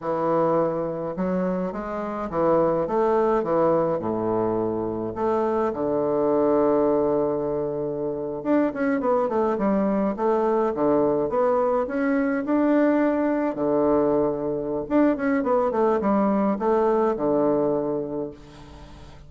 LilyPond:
\new Staff \with { instrumentName = "bassoon" } { \time 4/4 \tempo 4 = 105 e2 fis4 gis4 | e4 a4 e4 a,4~ | a,4 a4 d2~ | d2~ d8. d'8 cis'8 b16~ |
b16 a8 g4 a4 d4 b16~ | b8. cis'4 d'2 d16~ | d2 d'8 cis'8 b8 a8 | g4 a4 d2 | }